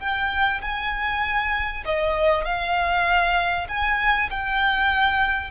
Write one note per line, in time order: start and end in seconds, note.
0.00 0.61 G5
0.62 1.84 G#5
1.86 2.45 D#5
2.45 3.67 F5
3.68 4.30 G#5
4.31 5.51 G5